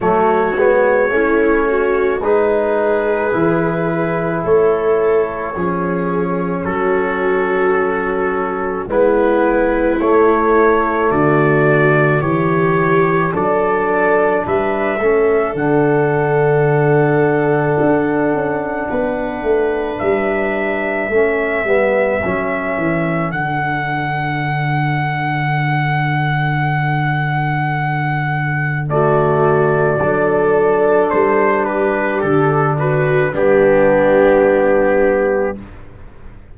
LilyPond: <<
  \new Staff \with { instrumentName = "trumpet" } { \time 4/4 \tempo 4 = 54 cis''2 b'2 | cis''2 a'2 | b'4 cis''4 d''4 cis''4 | d''4 e''4 fis''2~ |
fis''2 e''2~ | e''4 fis''2.~ | fis''2 d''2 | c''8 b'8 a'8 b'8 g'2 | }
  \new Staff \with { instrumentName = "viola" } { \time 4/4 fis'4 e'8 fis'8 gis'2 | a'4 gis'4 fis'2 | e'2 fis'4 g'4 | a'4 b'8 a'2~ a'8~ |
a'4 b'2 a'4~ | a'1~ | a'2 fis'4 a'4~ | a'8 g'4 fis'8 d'2 | }
  \new Staff \with { instrumentName = "trombone" } { \time 4/4 a8 b8 cis'4 dis'4 e'4~ | e'4 cis'2. | b4 a2 e'4 | d'4. cis'8 d'2~ |
d'2. cis'8 b8 | cis'4 d'2.~ | d'2 a4 d'4~ | d'2 b2 | }
  \new Staff \with { instrumentName = "tuba" } { \time 4/4 fis8 gis8 a4 gis4 e4 | a4 f4 fis2 | gis4 a4 d4 e4 | fis4 g8 a8 d2 |
d'8 cis'8 b8 a8 g4 a8 g8 | fis8 e8 d2.~ | d2. fis4 | g4 d4 g2 | }
>>